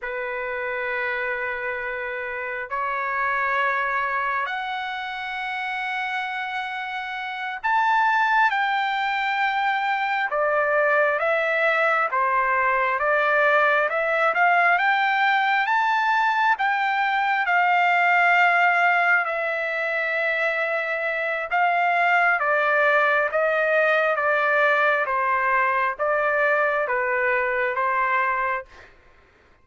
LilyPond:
\new Staff \with { instrumentName = "trumpet" } { \time 4/4 \tempo 4 = 67 b'2. cis''4~ | cis''4 fis''2.~ | fis''8 a''4 g''2 d''8~ | d''8 e''4 c''4 d''4 e''8 |
f''8 g''4 a''4 g''4 f''8~ | f''4. e''2~ e''8 | f''4 d''4 dis''4 d''4 | c''4 d''4 b'4 c''4 | }